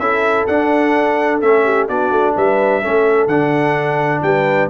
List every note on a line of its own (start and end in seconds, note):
0.00 0.47 C#4
0.00 0.49 E4
0.00 1.65 A4
0.00 0.47 E5
0.47 1.42 D4
0.47 1.43 D4
0.47 1.41 F#5
1.41 1.89 A3
1.41 1.89 C#4
1.41 1.88 E5
1.65 1.88 G4
1.88 2.12 B3
1.88 2.83 D4
1.88 2.35 F#4
1.88 2.36 D5
2.12 2.35 A3
2.36 2.84 G3
2.36 2.82 B4
2.36 3.28 E5
2.82 3.27 A3
2.82 3.29 C#4
2.82 4.22 A4
3.27 4.21 D3
3.27 4.70 D4
3.27 4.22 F#5
4.23 4.70 G3
4.23 4.70 B4
4.23 4.69 G5